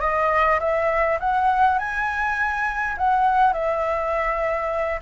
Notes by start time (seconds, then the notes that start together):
0.00 D#5
0.60 E5
1.19 F#5
1.78 G#5
2.97 F#5
3.52 E5